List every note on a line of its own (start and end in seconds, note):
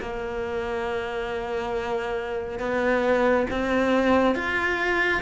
0.00 2.59 A#3
2.59 3.46 B3
3.50 4.35 C4
4.35 5.22 F4